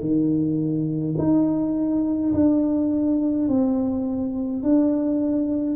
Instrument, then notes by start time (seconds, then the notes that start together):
tuba
0.00 D#3
1.18 D#4
2.33 D4
3.49 C4
4.63 D4